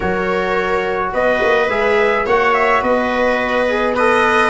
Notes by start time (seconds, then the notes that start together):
0.00 F#3 F#4 A#4 C#5
1.13 B3 B4 D#5
1.42 A#3
1.68 G#3 G#4 E5
2.25 A#3 F#4 C#5 F#5
2.54 E5
2.81 B3 B4 D#5
3.68 G#4
3.95 A4 B4 D#5